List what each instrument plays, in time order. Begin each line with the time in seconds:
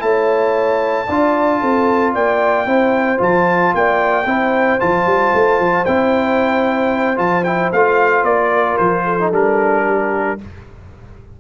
0.00 tuba A3, trombone E4, horn C#5, trumpet A5
1.06 tuba D4, trombone F4, horn D5
1.61 tuba C4, horn A4
2.14 tuba A#3, horn D5, trumpet G5
2.66 tuba C4, trombone E4, horn C5
3.18 tuba F3, trombone F4, trumpet A5
3.75 tuba A#3, horn D5, trumpet G5
4.26 tuba C4, trombone E4, horn C5
4.80 tuba F3, trombone F4, trumpet A5
5.06 tuba G3
5.34 tuba A3
5.59 tuba F3
5.85 tuba C4, trombone E4, trumpet G5
7.16 tuba F3, trombone F4, trumpet A5
7.44 trombone E4, trumpet G5
7.72 tuba A3, trombone F4, trumpet F5
8.23 tuba A#3, trumpet D5
8.53 horn A#4
8.78 tuba F3, trumpet C5
9.04 horn A4
9.20 trombone D#4
9.32 tuba G3, trombone D4, trumpet A#4
9.87 horn G4